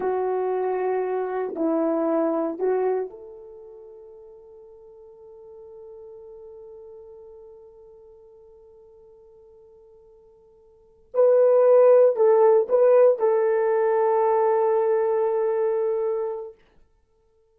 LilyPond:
\new Staff \with { instrumentName = "horn" } { \time 4/4 \tempo 4 = 116 fis'2. e'4~ | e'4 fis'4 a'2~ | a'1~ | a'1~ |
a'1~ | a'4. b'2 a'8~ | a'8 b'4 a'2~ a'8~ | a'1 | }